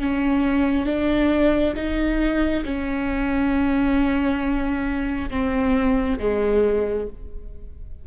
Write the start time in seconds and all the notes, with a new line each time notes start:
0.00 C#4
0.86 D4
1.76 D#4
2.65 C#4
5.30 C4
6.19 G#3